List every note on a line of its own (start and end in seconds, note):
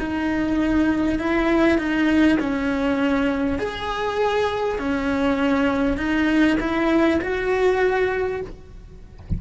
0.00 1.19 D#4
1.19 1.79 E4
1.79 2.39 D#4
2.40 3.59 C#4
3.59 4.79 G#4
4.79 5.98 C#4
5.98 6.58 D#4
6.61 7.21 E4
7.22 8.42 F#4